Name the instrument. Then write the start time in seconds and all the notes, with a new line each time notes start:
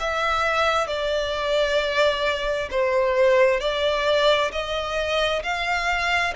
violin
0.00 E5
0.87 D5
2.71 C5
3.60 D5
4.52 D#5
5.43 F5